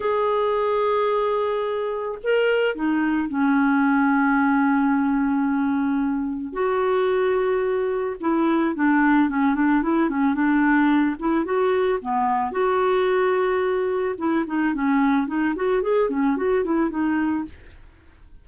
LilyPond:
\new Staff \with { instrumentName = "clarinet" } { \time 4/4 \tempo 4 = 110 gis'1 | ais'4 dis'4 cis'2~ | cis'1 | fis'2. e'4 |
d'4 cis'8 d'8 e'8 cis'8 d'4~ | d'8 e'8 fis'4 b4 fis'4~ | fis'2 e'8 dis'8 cis'4 | dis'8 fis'8 gis'8 cis'8 fis'8 e'8 dis'4 | }